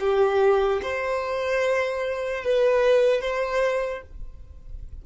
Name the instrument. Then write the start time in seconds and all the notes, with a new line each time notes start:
violin
0.00 G4
0.83 C5
2.44 B4
3.21 C5